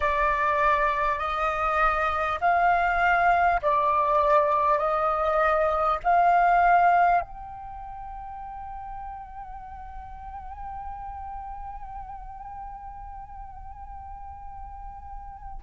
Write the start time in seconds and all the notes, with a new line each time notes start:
0.00 D5
1.18 D#5
2.41 F5
3.62 D5
4.78 D#5
6.03 F5
7.20 G5